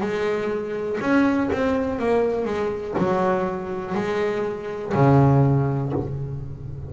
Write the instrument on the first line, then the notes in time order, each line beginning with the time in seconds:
double bass
0.00 G#3
1.00 C#4
1.52 C4
1.98 A#3
2.45 G#3
2.97 F#3
3.94 G#3
4.94 C#3